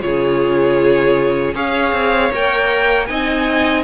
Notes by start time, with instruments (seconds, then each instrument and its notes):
0.00 cello C#3, viola F4, violin G#4 C#5
1.54 cello C#4, viola G#4, violin C#5 F5
1.92 cello C4
2.31 cello A#3, viola A#4, violin G5
3.06 cello C4, viola D#4, violin D#5 G#5